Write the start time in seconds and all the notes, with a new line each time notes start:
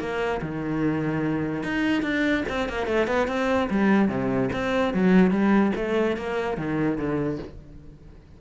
0.00 A#3
0.42 D#3
1.64 D#4
2.03 D4
2.49 C4
2.69 A#3
2.87 A3
3.08 B3
3.28 C4
3.70 G3
4.09 C3
4.53 C4
4.94 F#3
5.31 G3
5.76 A3
6.17 A#3
6.58 D#3
6.98 D3